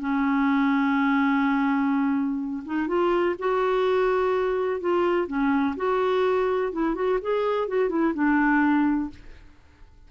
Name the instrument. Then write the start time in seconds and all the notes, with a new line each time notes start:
clarinet
0.00 C#4
2.66 D#4
2.88 F4
3.39 F#4
4.80 F4
5.27 C#4
5.76 F#4
6.73 E4
6.95 F#4
7.22 G#4
7.68 F#4
7.90 E4
8.14 D4